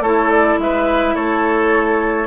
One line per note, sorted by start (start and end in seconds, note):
0.00 0.57 A3
0.00 2.27 E4
0.00 0.59 A4
0.00 0.31 C#5
0.31 0.59 D5
0.59 1.15 G#3
0.59 1.15 B4
0.59 1.15 E5
1.15 2.27 A3
1.15 2.27 A4
1.15 2.27 C#5